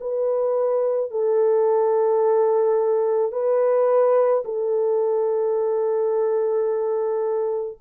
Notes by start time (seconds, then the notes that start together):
0.00 B4
1.11 A4
3.32 B4
4.44 A4